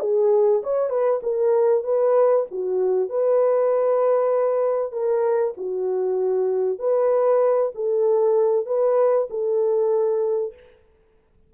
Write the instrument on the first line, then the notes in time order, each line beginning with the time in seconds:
horn
0.00 G#4
0.64 C#5
0.90 B4
1.23 A#4
1.84 B4
2.51 F#4
3.09 B4
4.92 A#4
5.57 F#4
6.79 B4
7.75 A4
8.66 B4
9.30 A4